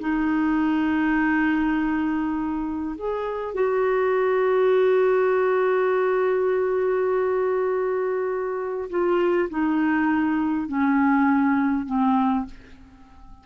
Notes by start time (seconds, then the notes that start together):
0.00 D#4
2.96 G#4
3.54 F#4
8.90 F4
9.50 D#4
10.68 C#4
11.86 C4